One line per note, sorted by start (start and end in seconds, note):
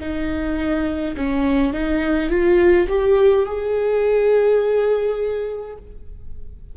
0.00 1.15 D#4
1.16 1.73 C#4
1.73 2.30 D#4
2.30 2.87 F4
2.88 3.46 G4
3.46 5.77 G#4